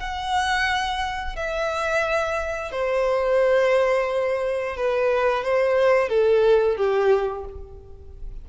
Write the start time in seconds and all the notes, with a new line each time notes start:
0.00 F#5
1.36 E5
2.72 C5
4.77 B4
5.44 C5
6.09 A4
6.77 G4